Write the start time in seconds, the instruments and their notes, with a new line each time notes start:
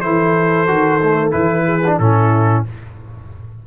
0.00 tuba E3, trombone E4, horn A4, trumpet C5
0.67 tuba D#3, trombone F#4
1.02 trombone A3
1.31 tuba E3, trombone E4, trumpet B4
1.65 horn G#4
1.86 trombone D4
1.99 tuba A2, trombone C#4, horn E4, trumpet A4